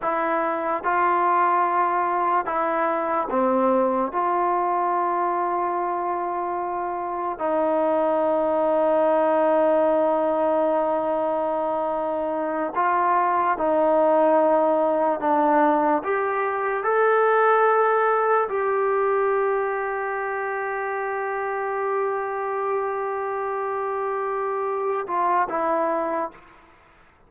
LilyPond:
\new Staff \with { instrumentName = "trombone" } { \time 4/4 \tempo 4 = 73 e'4 f'2 e'4 | c'4 f'2.~ | f'4 dis'2.~ | dis'2.~ dis'8 f'8~ |
f'8 dis'2 d'4 g'8~ | g'8 a'2 g'4.~ | g'1~ | g'2~ g'8 f'8 e'4 | }